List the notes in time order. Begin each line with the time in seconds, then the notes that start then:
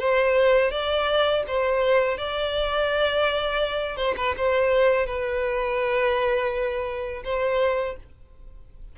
0.00 C5
0.72 D5
1.48 C5
2.19 D5
3.97 C5
4.17 B4
4.38 C5
5.07 B4
7.25 C5